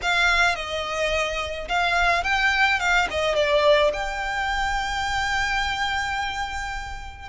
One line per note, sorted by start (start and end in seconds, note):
0.02 0.55 F5
0.55 1.67 D#5
1.68 2.23 F5
2.23 2.79 G5
2.79 3.07 F5
3.10 3.35 D#5
3.35 3.91 D5
3.93 7.28 G5